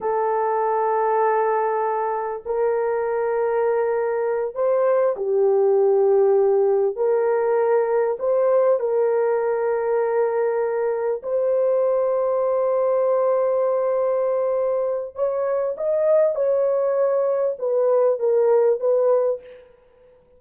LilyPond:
\new Staff \with { instrumentName = "horn" } { \time 4/4 \tempo 4 = 99 a'1 | ais'2.~ ais'8 c''8~ | c''8 g'2. ais'8~ | ais'4. c''4 ais'4.~ |
ais'2~ ais'8 c''4.~ | c''1~ | c''4 cis''4 dis''4 cis''4~ | cis''4 b'4 ais'4 b'4 | }